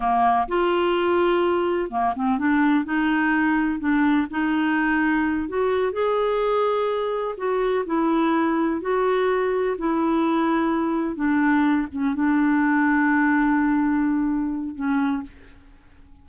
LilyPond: \new Staff \with { instrumentName = "clarinet" } { \time 4/4 \tempo 4 = 126 ais4 f'2. | ais8 c'8 d'4 dis'2 | d'4 dis'2~ dis'8 fis'8~ | fis'8 gis'2. fis'8~ |
fis'8 e'2 fis'4.~ | fis'8 e'2. d'8~ | d'4 cis'8 d'2~ d'8~ | d'2. cis'4 | }